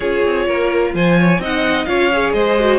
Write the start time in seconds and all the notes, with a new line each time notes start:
0.00 C#4 F4 G#4 C#5
0.24 C4
0.47 A#3 A#4
0.94 F3 C5 G#5
1.19 C#5
1.39 C4 D#4 D#5 F#5
1.84 C#4 F4 C#5 F5
2.12 G#4
2.33 G#3 C5 D#5
2.59 F#4